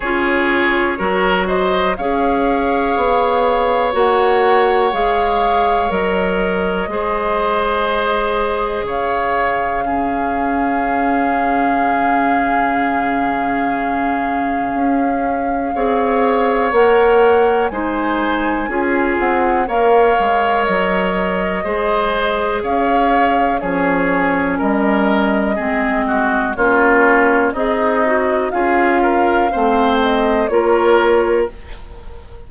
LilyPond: <<
  \new Staff \with { instrumentName = "flute" } { \time 4/4 \tempo 4 = 61 cis''4. dis''8 f''2 | fis''4 f''4 dis''2~ | dis''4 f''2.~ | f''1~ |
f''4 fis''4 gis''4. fis''8 | f''4 dis''2 f''4 | cis''4 dis''2 cis''4 | dis''4 f''4. dis''8 cis''4 | }
  \new Staff \with { instrumentName = "oboe" } { \time 4/4 gis'4 ais'8 c''8 cis''2~ | cis''2. c''4~ | c''4 cis''4 gis'2~ | gis'1 |
cis''2 c''4 gis'4 | cis''2 c''4 cis''4 | gis'4 ais'4 gis'8 fis'8 f'4 | dis'4 gis'8 ais'8 c''4 ais'4 | }
  \new Staff \with { instrumentName = "clarinet" } { \time 4/4 f'4 fis'4 gis'2 | fis'4 gis'4 ais'4 gis'4~ | gis'2 cis'2~ | cis'1 |
gis'4 ais'4 dis'4 f'4 | ais'2 gis'2 | cis'2 c'4 cis'4 | gis'8 fis'8 f'4 c'4 f'4 | }
  \new Staff \with { instrumentName = "bassoon" } { \time 4/4 cis'4 fis4 cis'4 b4 | ais4 gis4 fis4 gis4~ | gis4 cis2.~ | cis2. cis'4 |
c'4 ais4 gis4 cis'8 c'8 | ais8 gis8 fis4 gis4 cis'4 | f4 g4 gis4 ais4 | c'4 cis'4 a4 ais4 | }
>>